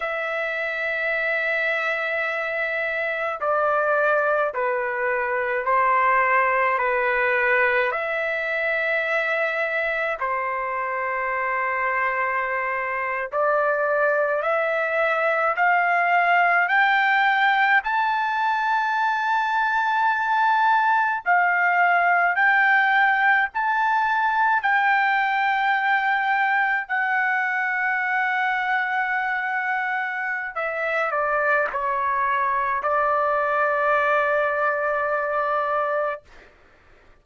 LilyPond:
\new Staff \with { instrumentName = "trumpet" } { \time 4/4 \tempo 4 = 53 e''2. d''4 | b'4 c''4 b'4 e''4~ | e''4 c''2~ c''8. d''16~ | d''8. e''4 f''4 g''4 a''16~ |
a''2~ a''8. f''4 g''16~ | g''8. a''4 g''2 fis''16~ | fis''2. e''8 d''8 | cis''4 d''2. | }